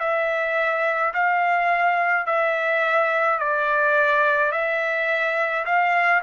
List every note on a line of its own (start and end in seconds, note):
0.00 1.13 E5
1.14 2.26 F5
2.26 3.39 E5
3.39 4.52 D5
4.52 5.65 E5
5.66 6.22 F5